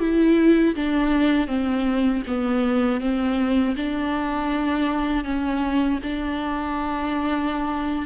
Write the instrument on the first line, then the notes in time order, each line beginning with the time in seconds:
viola
0.00 E4
0.75 D4
1.48 C4
2.27 B3
3.01 C4
3.76 D4
5.24 C#4
6.03 D4